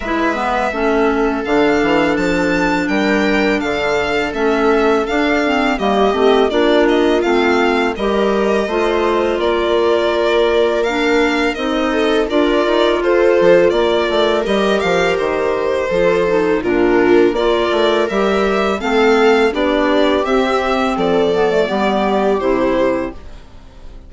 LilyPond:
<<
  \new Staff \with { instrumentName = "violin" } { \time 4/4 \tempo 4 = 83 e''2 f''4 a''4 | g''4 f''4 e''4 f''4 | dis''4 d''8 dis''8 f''4 dis''4~ | dis''4 d''2 f''4 |
dis''4 d''4 c''4 d''4 | dis''8 f''8 c''2 ais'4 | d''4 e''4 f''4 d''4 | e''4 d''2 c''4 | }
  \new Staff \with { instrumentName = "viola" } { \time 4/4 b'4 a'2. | ais'4 a'2. | g'4 f'2 ais'4 | c''4 ais'2.~ |
ais'8 a'8 ais'4 a'4 ais'4~ | ais'2 a'4 f'4 | ais'2 a'4 g'4~ | g'4 a'4 g'2 | }
  \new Staff \with { instrumentName = "clarinet" } { \time 4/4 e'8 b8 cis'4 d'2~ | d'2 cis'4 d'8 c'8 | ais8 c'8 d'4 c'4 g'4 | f'2. d'4 |
dis'4 f'2. | g'2 f'8 dis'8 d'4 | f'4 g'4 c'4 d'4 | c'4. b16 a16 b4 e'4 | }
  \new Staff \with { instrumentName = "bassoon" } { \time 4/4 gis4 a4 d8 e8 f4 | g4 d4 a4 d'4 | g8 a8 ais4 a4 g4 | a4 ais2. |
c'4 d'8 dis'8 f'8 f8 ais8 a8 | g8 f8 dis4 f4 ais,4 | ais8 a8 g4 a4 b4 | c'4 f4 g4 c4 | }
>>